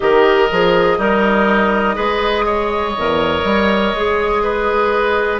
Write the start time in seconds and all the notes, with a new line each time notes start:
0.00 D#3 G4 A#4 D#5
0.51 F3 G#4
0.98 G3 D#4 A#4
1.95 G#3 G#4 B4
2.46 C#5
2.97 E2 A#4
3.44 G3
3.93 G#3 G#4
4.43 B4